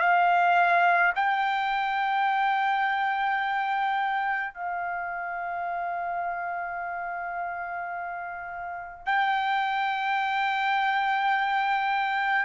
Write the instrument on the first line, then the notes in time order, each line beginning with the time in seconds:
trumpet
0.00 F5
1.16 G5
4.54 F5
9.06 G5